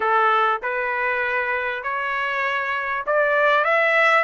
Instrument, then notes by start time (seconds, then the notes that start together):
trumpet
0.00 A4
0.62 B4
1.83 C#5
3.06 D5
3.64 E5